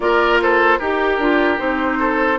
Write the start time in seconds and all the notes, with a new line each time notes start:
0.00 A#3 F4 A#4 D5
0.42 A4 C5
0.79 D#4 G4 A#4
1.18 D4 F4
1.57 C4 D#4 C5
1.99 A4